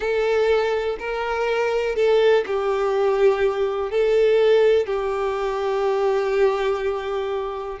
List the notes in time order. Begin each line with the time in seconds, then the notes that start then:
0.00 A4
0.99 A#4
1.95 A4
2.46 G4
3.90 A4
4.86 G4